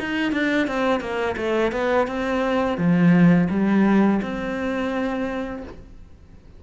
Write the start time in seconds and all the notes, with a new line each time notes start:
0.00 D#4
0.32 D4
0.67 C4
1.01 A#3
1.37 A3
1.72 B3
2.08 C4
2.78 F3
3.50 G3
4.22 C4